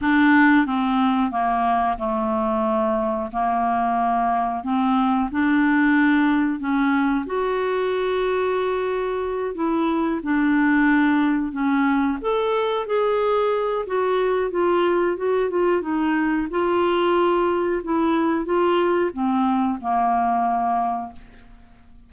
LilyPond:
\new Staff \with { instrumentName = "clarinet" } { \time 4/4 \tempo 4 = 91 d'4 c'4 ais4 a4~ | a4 ais2 c'4 | d'2 cis'4 fis'4~ | fis'2~ fis'8 e'4 d'8~ |
d'4. cis'4 a'4 gis'8~ | gis'4 fis'4 f'4 fis'8 f'8 | dis'4 f'2 e'4 | f'4 c'4 ais2 | }